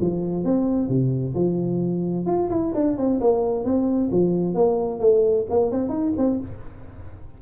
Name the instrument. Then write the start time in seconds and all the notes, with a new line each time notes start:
tuba
0.00 F3
0.44 C4
0.88 C3
1.34 F3
2.26 F4
2.50 E4
2.74 D4
2.97 C4
3.20 A#3
3.64 C4
4.11 F3
4.54 A#3
5.00 A3
5.49 A#3
5.71 C4
5.89 D#4
6.17 C4